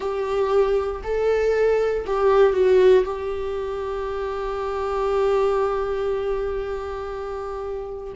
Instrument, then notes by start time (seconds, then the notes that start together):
viola
0.00 G4
1.03 A4
2.06 G4
2.53 F#4
3.05 G4